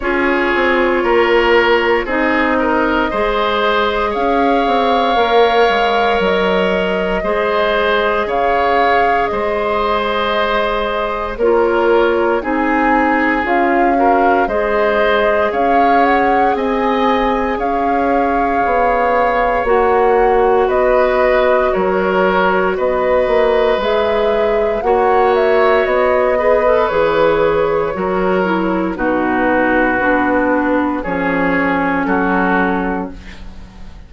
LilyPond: <<
  \new Staff \with { instrumentName = "flute" } { \time 4/4 \tempo 4 = 58 cis''2 dis''2 | f''2 dis''2 | f''4 dis''2 cis''4 | gis''4 f''4 dis''4 f''8 fis''8 |
gis''4 f''2 fis''4 | dis''4 cis''4 dis''4 e''4 | fis''8 e''8 dis''4 cis''2 | b'2 cis''4 a'4 | }
  \new Staff \with { instrumentName = "oboe" } { \time 4/4 gis'4 ais'4 gis'8 ais'8 c''4 | cis''2. c''4 | cis''4 c''2 ais'4 | gis'4. ais'8 c''4 cis''4 |
dis''4 cis''2. | b'4 ais'4 b'2 | cis''4. b'4. ais'4 | fis'2 gis'4 fis'4 | }
  \new Staff \with { instrumentName = "clarinet" } { \time 4/4 f'2 dis'4 gis'4~ | gis'4 ais'2 gis'4~ | gis'2. f'4 | dis'4 f'8 fis'8 gis'2~ |
gis'2. fis'4~ | fis'2. gis'4 | fis'4. gis'16 a'16 gis'4 fis'8 e'8 | dis'4 d'4 cis'2 | }
  \new Staff \with { instrumentName = "bassoon" } { \time 4/4 cis'8 c'8 ais4 c'4 gis4 | cis'8 c'8 ais8 gis8 fis4 gis4 | cis4 gis2 ais4 | c'4 cis'4 gis4 cis'4 |
c'4 cis'4 b4 ais4 | b4 fis4 b8 ais8 gis4 | ais4 b4 e4 fis4 | b,4 b4 f4 fis4 | }
>>